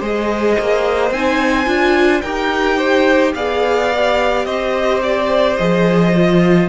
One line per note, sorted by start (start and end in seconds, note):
0.00 0.56 G#3
0.00 1.13 G#4
0.00 2.22 C5
0.00 1.12 D#5
0.60 1.10 A#3
1.10 1.66 C4
1.10 1.66 D#4
1.10 2.21 G#5
1.66 2.22 D4
1.66 2.21 F4
2.21 3.34 D#4
2.21 3.35 G4
2.21 2.77 A#4
2.21 3.32 G5
2.77 3.33 C5
3.34 4.45 B3
3.34 3.91 G#4
3.34 4.47 D5
3.34 4.45 F5
3.94 5.59 G4
4.45 5.56 C4
4.45 6.69 C5
4.45 5.00 D#5
5.03 5.56 D5
5.56 6.69 F3
5.56 6.13 G#4
5.56 6.67 D#5
6.13 6.69 F4